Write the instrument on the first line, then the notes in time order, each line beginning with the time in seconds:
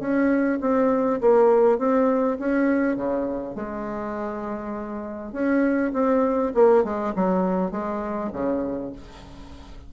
bassoon
0.00 C#4
0.61 C4
1.21 A#3
1.78 C4
2.39 C#4
2.97 C#3
3.55 G#3
5.33 C#4
5.94 C4
6.55 A#3
6.84 G#3
7.15 F#3
7.71 G#3
8.33 C#3